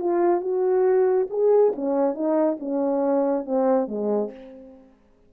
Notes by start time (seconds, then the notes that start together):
0.00 F4
0.41 F#4
1.30 G#4
1.75 C#4
2.14 D#4
2.59 C#4
3.45 C4
3.88 G#3